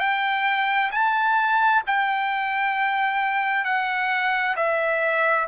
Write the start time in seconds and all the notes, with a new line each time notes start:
0.00 G5
0.92 A5
1.87 G5
3.65 F#5
4.57 E5